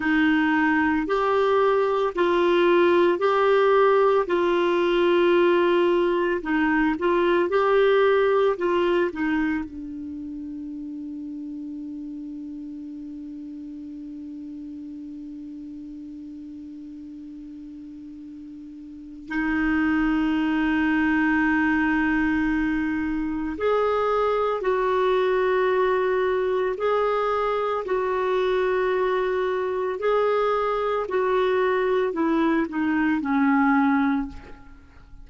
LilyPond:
\new Staff \with { instrumentName = "clarinet" } { \time 4/4 \tempo 4 = 56 dis'4 g'4 f'4 g'4 | f'2 dis'8 f'8 g'4 | f'8 dis'8 d'2.~ | d'1~ |
d'2 dis'2~ | dis'2 gis'4 fis'4~ | fis'4 gis'4 fis'2 | gis'4 fis'4 e'8 dis'8 cis'4 | }